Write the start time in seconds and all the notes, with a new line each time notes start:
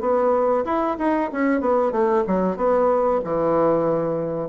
0.00 B3
0.65 E4
0.98 D#4
1.32 C#4
1.60 B3
1.91 A3
2.27 F#3
2.56 B3
3.24 E3